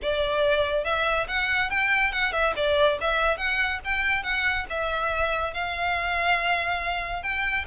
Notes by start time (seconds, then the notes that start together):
0.02 D5
0.84 E5
1.28 F#5
1.70 G5
2.12 F#5
2.32 E5
2.56 D5
3.00 E5
3.37 F#5
3.84 G5
4.23 F#5
4.69 E5
5.53 F5
7.22 G5